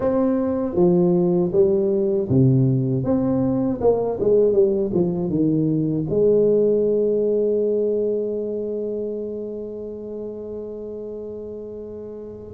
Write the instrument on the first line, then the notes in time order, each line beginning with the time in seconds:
tuba
0.00 C4
0.75 F3
1.52 G3
2.29 C3
3.04 C4
3.80 A#3
4.20 G#3
4.53 G3
4.93 F3
5.29 D#3
6.09 G#3